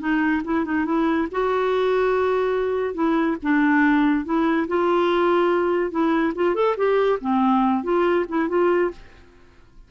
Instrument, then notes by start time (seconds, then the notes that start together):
clarinet
0.00 D#4
0.44 E4
0.65 D#4
0.86 E4
1.31 F#4
2.94 E4
3.43 D4
4.25 E4
4.68 F4
5.91 E4
6.35 F4
6.55 A4
6.77 G4
7.21 C4
7.83 F4
8.29 E4
8.49 F4